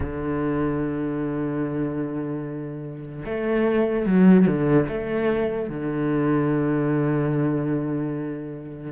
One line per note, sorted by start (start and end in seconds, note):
0.00 3.24 D3
3.25 4.06 A3
4.06 4.46 F#3
4.46 4.87 D3
4.88 5.68 A3
5.68 8.92 D3